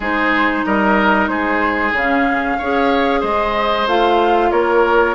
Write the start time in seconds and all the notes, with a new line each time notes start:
0.00 G#3 D#4 G#4 C5
0.65 G3 A#4 D#5
1.27 G#3 G#4 C5
1.92 C#3 C#4 F5
2.58 C#4 G#4 C#5
3.20 G#3 C5 D#5
3.86 A3 F4 F5
4.51 A#3 A#4 C#5